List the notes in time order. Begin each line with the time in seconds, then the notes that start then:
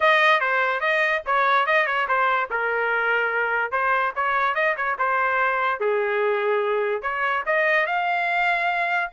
0.00 D#5
0.40 C5
0.80 D#5
1.26 C#5
1.66 D#5
1.86 C#5
2.07 C5
2.50 A#4
3.71 C5
4.15 C#5
4.54 D#5
4.76 C#5
4.98 C5
5.80 G#4
7.02 C#5
7.46 D#5
7.86 F5